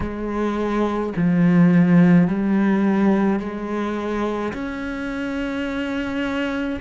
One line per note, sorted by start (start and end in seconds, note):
0.00 1.13 G#3
1.16 2.27 F3
2.27 3.39 G3
3.39 4.52 G#3
4.53 6.79 C#4